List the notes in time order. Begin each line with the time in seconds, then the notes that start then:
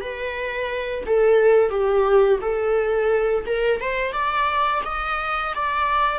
0.00 B4
1.06 A4
1.70 G4
2.41 A4
3.46 A#4
3.80 C5
4.12 D5
4.85 D#5
5.55 D5